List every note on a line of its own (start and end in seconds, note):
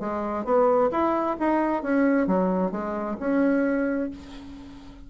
0.00 0.45 G#3
0.45 0.90 B3
0.92 1.37 E4
1.39 1.83 D#4
1.83 2.27 C#4
2.27 2.72 F#3
2.72 3.17 G#3
3.20 4.10 C#4